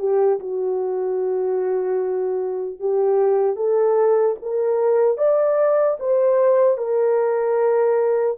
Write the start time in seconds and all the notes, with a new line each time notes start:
0.00 G4
0.40 F#4
2.80 G4
3.57 A4
4.43 A#4
5.18 D5
6.00 C5
6.78 A#4